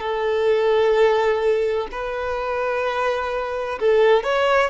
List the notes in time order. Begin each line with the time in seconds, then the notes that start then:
0.00 A4
1.92 B4
3.80 A4
4.24 C#5